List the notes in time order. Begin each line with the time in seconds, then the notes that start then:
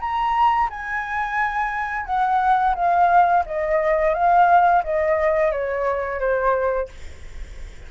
0.00 A#5
0.70 G#5
2.06 F#5
2.75 F5
3.45 D#5
4.14 F5
4.84 D#5
5.52 C#5
6.19 C5